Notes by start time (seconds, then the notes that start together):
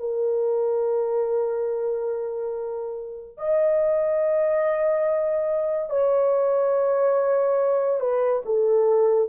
0.00 A#4
3.38 D#5
5.90 C#5
8.01 B4
8.46 A4